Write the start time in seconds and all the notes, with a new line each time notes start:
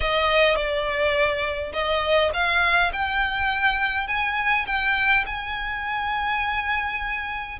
0.00 D#5
0.55 D5
1.72 D#5
2.33 F5
2.93 G5
4.07 G#5
4.66 G5
5.26 G#5